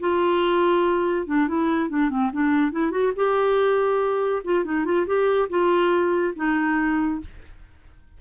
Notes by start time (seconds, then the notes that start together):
0.00 F4
1.27 D4
1.48 E4
1.90 D4
2.10 C4
2.33 D4
2.72 E4
2.91 F#4
3.16 G4
4.44 F4
4.65 D#4
4.85 F4
5.06 G4
5.49 F4
6.36 D#4